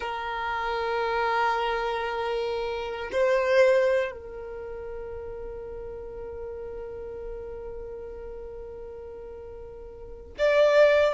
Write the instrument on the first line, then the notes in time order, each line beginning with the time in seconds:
violin
0.00 A#4
3.12 C5
4.11 A#4
10.38 D5